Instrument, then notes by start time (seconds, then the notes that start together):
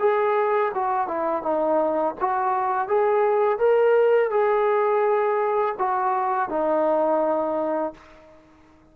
trombone
0.00 G#4
0.75 F#4
1.08 E4
1.43 D#4
2.20 F#4
2.88 G#4
3.59 A#4
4.31 G#4
5.79 F#4
6.49 D#4